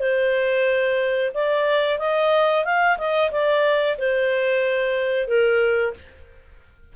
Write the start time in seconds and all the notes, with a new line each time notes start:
0.00 C5
1.34 D5
1.99 D#5
2.65 F5
2.98 D#5
3.32 D5
3.98 C5
5.28 A#4